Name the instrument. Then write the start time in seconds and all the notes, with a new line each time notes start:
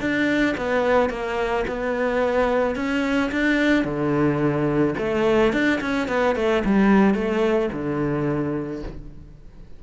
cello
0.00 D4
0.57 B3
1.09 A#3
1.67 B3
2.75 C#4
3.31 D4
3.84 D3
4.98 A3
5.52 D4
5.80 C#4
6.08 B3
6.35 A3
6.65 G3
7.14 A3
7.72 D3